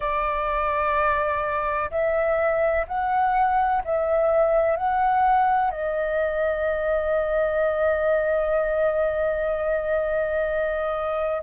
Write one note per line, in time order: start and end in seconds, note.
0.00 1.90 D5
1.90 2.86 E5
2.87 3.82 F#5
3.84 4.76 E5
4.76 5.71 F#5
5.71 11.42 D#5